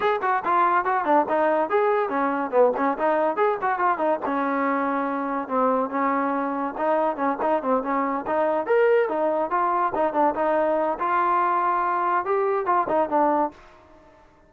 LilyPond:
\new Staff \with { instrumentName = "trombone" } { \time 4/4 \tempo 4 = 142 gis'8 fis'8 f'4 fis'8 d'8 dis'4 | gis'4 cis'4 b8 cis'8 dis'4 | gis'8 fis'8 f'8 dis'8 cis'2~ | cis'4 c'4 cis'2 |
dis'4 cis'8 dis'8 c'8 cis'4 dis'8~ | dis'8 ais'4 dis'4 f'4 dis'8 | d'8 dis'4. f'2~ | f'4 g'4 f'8 dis'8 d'4 | }